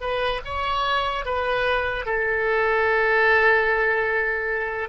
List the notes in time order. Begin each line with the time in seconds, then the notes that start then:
0.00 B4
0.44 C#5
1.25 B4
2.05 A4